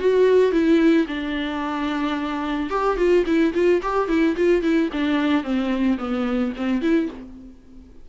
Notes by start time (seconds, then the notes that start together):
0.00 F#4
0.52 E4
1.08 D4
2.70 G4
2.98 F4
3.27 E4
3.55 F4
3.83 G4
4.09 E4
4.37 F4
4.63 E4
4.93 D4
5.44 C4
5.99 B3
6.57 C4
6.82 E4